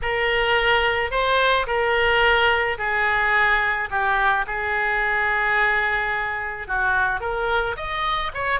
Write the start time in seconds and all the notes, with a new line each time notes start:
0.02 A#4
1.10 C5
1.66 A#4
2.78 G#4
3.90 G4
4.46 G#4
6.67 F#4
7.20 A#4
7.76 D#5
8.34 C#5